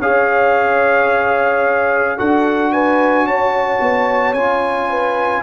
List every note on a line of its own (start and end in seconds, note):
0.00 2.19 C#4
0.00 2.18 G#4
0.00 2.18 C#5
0.00 2.19 F5
2.18 3.24 D4
2.18 4.36 F#4
2.18 2.73 A4
2.18 2.72 F#5
2.72 3.27 B4
2.72 3.27 G#5
3.24 3.79 C#4
3.24 4.90 C#5
3.24 4.34 A5
3.81 4.34 B3
4.34 5.43 C#4
4.34 5.43 F4
4.34 5.43 G#5
4.90 5.43 B4